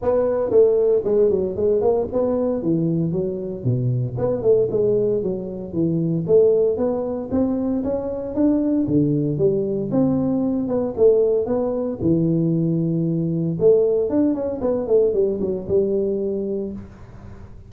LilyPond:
\new Staff \with { instrumentName = "tuba" } { \time 4/4 \tempo 4 = 115 b4 a4 gis8 fis8 gis8 ais8 | b4 e4 fis4 b,4 | b8 a8 gis4 fis4 e4 | a4 b4 c'4 cis'4 |
d'4 d4 g4 c'4~ | c'8 b8 a4 b4 e4~ | e2 a4 d'8 cis'8 | b8 a8 g8 fis8 g2 | }